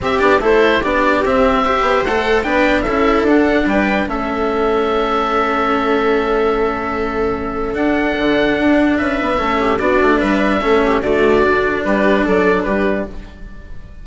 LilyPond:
<<
  \new Staff \with { instrumentName = "oboe" } { \time 4/4 \tempo 4 = 147 e''8 d''8 c''4 d''4 e''4~ | e''4 fis''4 g''4 e''4 | fis''4 g''4 e''2~ | e''1~ |
e''2. fis''4~ | fis''2 e''2 | d''4 e''2 d''4~ | d''4 b'4 d''4 b'4 | }
  \new Staff \with { instrumentName = "viola" } { \time 4/4 g'4 a'4 g'2 | c''2 b'4 a'4~ | a'4 b'4 a'2~ | a'1~ |
a'1~ | a'2 b'4 a'8 g'8 | fis'4 b'4 a'8 g'8 fis'4~ | fis'4 g'4 a'4 g'4 | }
  \new Staff \with { instrumentName = "cello" } { \time 4/4 c'8 d'8 e'4 d'4 c'4 | g'4 a'4 d'4 e'4 | d'2 cis'2~ | cis'1~ |
cis'2. d'4~ | d'2. cis'4 | d'2 cis'4 a4 | d'1 | }
  \new Staff \with { instrumentName = "bassoon" } { \time 4/4 c'8 b8 a4 b4 c'4~ | c'8 b8 a4 b4 cis'4 | d'4 g4 a2~ | a1~ |
a2. d'4 | d4 d'4 cis'8 b8 a4 | b8 a8 g4 a4 d4~ | d4 g4 fis4 g4 | }
>>